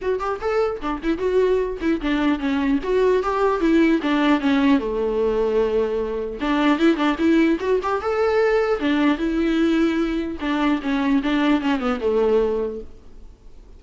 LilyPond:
\new Staff \with { instrumentName = "viola" } { \time 4/4 \tempo 4 = 150 fis'8 g'8 a'4 d'8 e'8 fis'4~ | fis'8 e'8 d'4 cis'4 fis'4 | g'4 e'4 d'4 cis'4 | a1 |
d'4 e'8 d'8 e'4 fis'8 g'8 | a'2 d'4 e'4~ | e'2 d'4 cis'4 | d'4 cis'8 b8 a2 | }